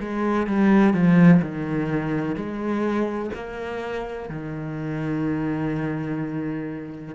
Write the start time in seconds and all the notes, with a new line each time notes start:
0.00 G#3
0.46 G3
0.94 F3
1.42 D#3
2.35 G#3
3.34 A#3
4.29 D#3